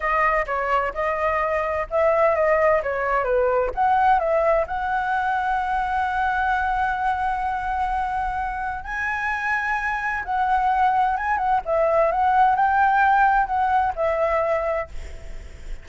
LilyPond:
\new Staff \with { instrumentName = "flute" } { \time 4/4 \tempo 4 = 129 dis''4 cis''4 dis''2 | e''4 dis''4 cis''4 b'4 | fis''4 e''4 fis''2~ | fis''1~ |
fis''2. gis''4~ | gis''2 fis''2 | gis''8 fis''8 e''4 fis''4 g''4~ | g''4 fis''4 e''2 | }